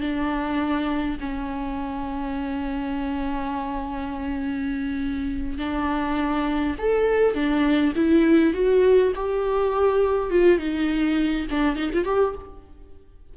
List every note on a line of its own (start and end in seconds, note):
0.00 1.18 D4
1.20 5.57 C#4
5.57 6.75 D4
6.78 7.34 A4
7.34 7.93 D4
7.95 8.53 E4
8.53 9.12 F#4
9.15 10.30 G4
10.30 10.58 F4
10.58 11.46 D#4
11.50 11.76 D4
11.76 11.90 D#4
11.93 12.04 F4
12.04 12.34 G4